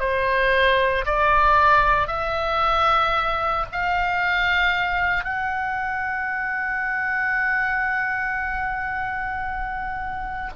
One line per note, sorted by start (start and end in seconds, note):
0.00 1.05 C5
1.06 2.08 D5
2.08 3.66 E5
3.72 5.24 F5
5.24 10.51 F#5